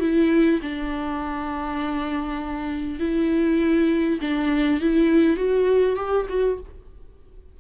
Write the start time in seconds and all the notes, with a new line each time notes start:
0.00 E4
0.62 D4
2.99 E4
4.21 D4
4.81 E4
5.37 F#4
5.96 G4
6.29 F#4